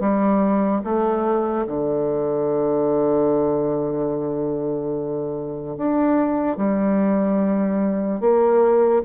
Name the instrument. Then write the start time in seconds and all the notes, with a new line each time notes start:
bassoon
0.00 G3
0.84 A3
1.67 D3
5.77 D4
6.57 G3
8.20 A#3